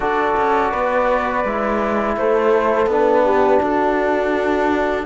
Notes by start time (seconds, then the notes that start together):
0.00 D4 F#4 A4 D5
0.36 C#4
0.71 B3 B4
1.44 G#3 E4
2.16 A3 A4 C5
2.86 B3 D4 B4
3.25 G4
3.60 D4 F#4 A4